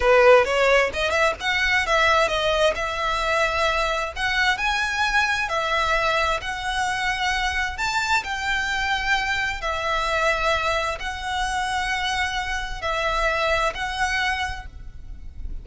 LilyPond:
\new Staff \with { instrumentName = "violin" } { \time 4/4 \tempo 4 = 131 b'4 cis''4 dis''8 e''8 fis''4 | e''4 dis''4 e''2~ | e''4 fis''4 gis''2 | e''2 fis''2~ |
fis''4 a''4 g''2~ | g''4 e''2. | fis''1 | e''2 fis''2 | }